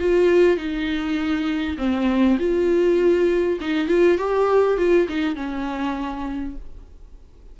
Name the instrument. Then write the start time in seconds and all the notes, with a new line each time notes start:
viola
0.00 F4
0.58 D#4
1.78 C4
2.39 F4
3.61 D#4
3.88 F4
4.18 G4
4.78 F4
5.09 D#4
5.36 C#4